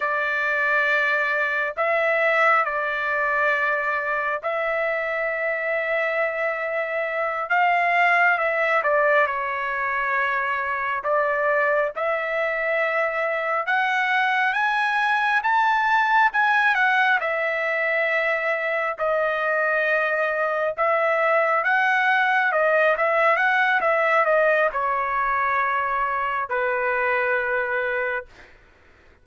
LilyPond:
\new Staff \with { instrumentName = "trumpet" } { \time 4/4 \tempo 4 = 68 d''2 e''4 d''4~ | d''4 e''2.~ | e''8 f''4 e''8 d''8 cis''4.~ | cis''8 d''4 e''2 fis''8~ |
fis''8 gis''4 a''4 gis''8 fis''8 e''8~ | e''4. dis''2 e''8~ | e''8 fis''4 dis''8 e''8 fis''8 e''8 dis''8 | cis''2 b'2 | }